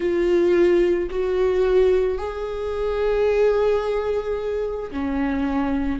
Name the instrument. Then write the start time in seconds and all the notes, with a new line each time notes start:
viola
0.00 F4
1.10 F#4
2.18 G#4
4.91 C#4